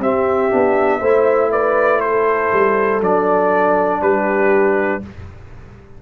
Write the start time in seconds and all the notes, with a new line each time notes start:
0.00 C4 G4 E5
0.50 B3 D4
1.00 A3 E4 C5
1.51 B4 D5
2.01 A4 C5
2.53 G3
3.01 F#3 D4 D5
4.01 G3 G4 B4